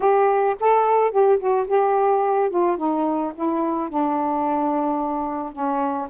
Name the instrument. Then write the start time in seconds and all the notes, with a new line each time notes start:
saxophone
0.00 G4
0.60 A4
1.11 G4
1.39 F#4
1.67 G4
2.50 F4
2.77 D#4
3.34 E4
3.89 D4
5.52 C#4